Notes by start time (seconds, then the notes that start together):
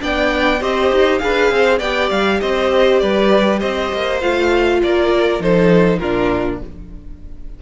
0.00 B3 D4 D5 G5
0.61 C4 G4 C5 D#5
0.92 D#4
1.19 D4 G#4 B4 F5
1.51 C4 C5
1.79 B3 G4 D5 G5
2.11 G3 F5
2.41 C4 C5 D#5
3.00 G3 B4 D5
3.60 C4 C5 D#5
3.93 A#3
4.21 A3 F4 F5
4.83 A#3 A#4 D5
5.40 F3 D#4 A4 C5
5.99 A#2 D4 F4 A#4